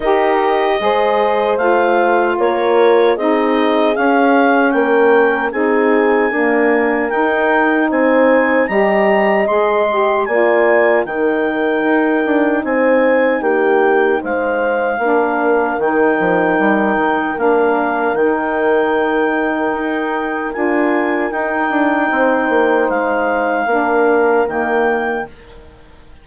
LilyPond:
<<
  \new Staff \with { instrumentName = "clarinet" } { \time 4/4 \tempo 4 = 76 dis''2 f''4 cis''4 | dis''4 f''4 g''4 gis''4~ | gis''4 g''4 gis''4 ais''4 | c'''4 gis''4 g''2 |
gis''4 g''4 f''2 | g''2 f''4 g''4~ | g''2 gis''4 g''4~ | g''4 f''2 g''4 | }
  \new Staff \with { instrumentName = "horn" } { \time 4/4 ais'4 c''2 ais'4 | gis'2 ais'4 gis'4 | ais'2 c''4 dis''4~ | dis''4 d''4 ais'2 |
c''4 g'4 c''4 ais'4~ | ais'1~ | ais'1 | c''2 ais'2 | }
  \new Staff \with { instrumentName = "saxophone" } { \time 4/4 g'4 gis'4 f'2 | dis'4 cis'2 dis'4 | ais4 dis'2 g'4 | gis'8 g'8 f'4 dis'2~ |
dis'2. d'4 | dis'2 d'4 dis'4~ | dis'2 f'4 dis'4~ | dis'2 d'4 ais4 | }
  \new Staff \with { instrumentName = "bassoon" } { \time 4/4 dis'4 gis4 a4 ais4 | c'4 cis'4 ais4 c'4 | d'4 dis'4 c'4 g4 | gis4 ais4 dis4 dis'8 d'8 |
c'4 ais4 gis4 ais4 | dis8 f8 g8 dis8 ais4 dis4~ | dis4 dis'4 d'4 dis'8 d'8 | c'8 ais8 gis4 ais4 dis4 | }
>>